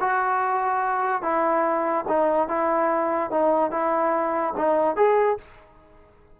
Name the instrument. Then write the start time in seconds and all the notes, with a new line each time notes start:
trombone
0.00 F#4
1.22 E4
2.08 D#4
2.48 E4
3.30 D#4
3.71 E4
4.56 D#4
4.96 G#4